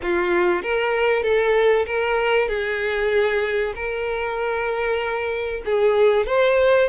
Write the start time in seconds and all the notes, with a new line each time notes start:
0.02 F4
0.62 A#4
1.22 A4
1.86 A#4
2.48 G#4
3.75 A#4
5.65 G#4
6.26 C5